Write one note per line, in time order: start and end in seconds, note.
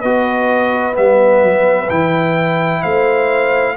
0.00 0.97 B3
0.00 0.93 F#4
0.00 2.81 B4
0.00 0.95 D#5
0.93 1.43 G3
0.93 1.87 B3
0.93 1.90 E5
1.43 1.89 F#3
1.90 2.84 E3
1.90 3.77 E4
1.90 2.82 G5
2.82 3.77 A3
2.82 3.75 C5
2.82 3.76 F5